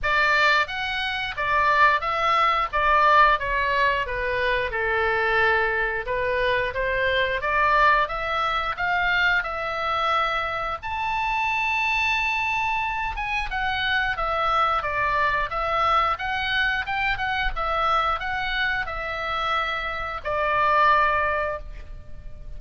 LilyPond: \new Staff \with { instrumentName = "oboe" } { \time 4/4 \tempo 4 = 89 d''4 fis''4 d''4 e''4 | d''4 cis''4 b'4 a'4~ | a'4 b'4 c''4 d''4 | e''4 f''4 e''2 |
a''2.~ a''8 gis''8 | fis''4 e''4 d''4 e''4 | fis''4 g''8 fis''8 e''4 fis''4 | e''2 d''2 | }